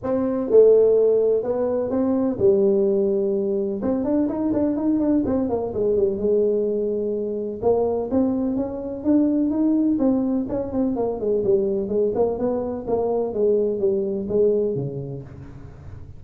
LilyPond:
\new Staff \with { instrumentName = "tuba" } { \time 4/4 \tempo 4 = 126 c'4 a2 b4 | c'4 g2. | c'8 d'8 dis'8 d'8 dis'8 d'8 c'8 ais8 | gis8 g8 gis2. |
ais4 c'4 cis'4 d'4 | dis'4 c'4 cis'8 c'8 ais8 gis8 | g4 gis8 ais8 b4 ais4 | gis4 g4 gis4 cis4 | }